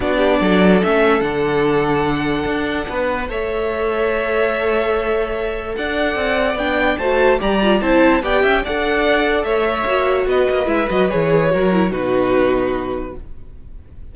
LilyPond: <<
  \new Staff \with { instrumentName = "violin" } { \time 4/4 \tempo 4 = 146 d''2 e''4 fis''4~ | fis''1 | e''1~ | e''2 fis''2 |
g''4 a''4 ais''4 a''4 | g''4 fis''2 e''4~ | e''4 dis''4 e''8 dis''8 cis''4~ | cis''4 b'2. | }
  \new Staff \with { instrumentName = "violin" } { \time 4/4 fis'8 g'8 a'2.~ | a'2. b'4 | cis''1~ | cis''2 d''2~ |
d''4 c''4 d''4 c''4 | d''8 e''8 d''2 cis''4~ | cis''4 b'2. | ais'4 fis'2. | }
  \new Staff \with { instrumentName = "viola" } { \time 4/4 d'2 cis'4 d'4~ | d'1 | a'1~ | a'1 |
d'4 fis'4 g'8 f'8 e'4 | g'4 a'2. | fis'2 e'8 fis'8 gis'4 | fis'8 e'8 dis'2. | }
  \new Staff \with { instrumentName = "cello" } { \time 4/4 b4 fis4 a4 d4~ | d2 d'4 b4 | a1~ | a2 d'4 c'4 |
b4 a4 g4 c'4 | b8 cis'8 d'2 a4 | ais4 b8 ais8 gis8 fis8 e4 | fis4 b,2. | }
>>